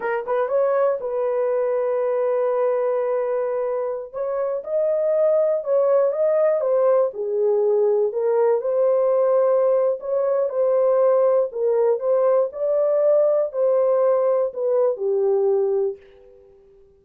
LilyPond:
\new Staff \with { instrumentName = "horn" } { \time 4/4 \tempo 4 = 120 ais'8 b'8 cis''4 b'2~ | b'1~ | b'16 cis''4 dis''2 cis''8.~ | cis''16 dis''4 c''4 gis'4.~ gis'16~ |
gis'16 ais'4 c''2~ c''8. | cis''4 c''2 ais'4 | c''4 d''2 c''4~ | c''4 b'4 g'2 | }